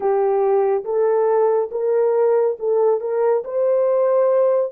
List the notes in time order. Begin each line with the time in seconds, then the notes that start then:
0.00 G4
0.84 A4
1.71 A#4
2.59 A4
3.00 A#4
3.44 C5